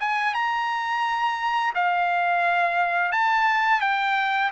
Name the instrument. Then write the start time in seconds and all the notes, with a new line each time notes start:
trumpet
0.00 G#5
0.34 A#5
1.75 F5
3.12 A5
3.81 G5